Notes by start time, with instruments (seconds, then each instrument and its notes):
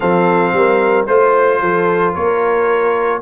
0.00 tuba F3, trombone C4, horn A4, trumpet F5
0.53 tuba G3, horn A#4
1.06 tuba A3, trombone F4, horn C5, trumpet C5
1.60 tuba F3, horn A4
2.13 tuba A#3, horn A#4, trumpet C#5